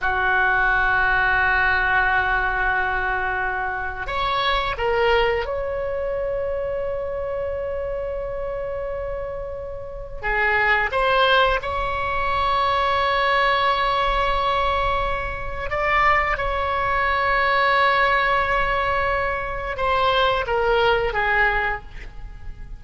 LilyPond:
\new Staff \with { instrumentName = "oboe" } { \time 4/4 \tempo 4 = 88 fis'1~ | fis'2 cis''4 ais'4 | cis''1~ | cis''2. gis'4 |
c''4 cis''2.~ | cis''2. d''4 | cis''1~ | cis''4 c''4 ais'4 gis'4 | }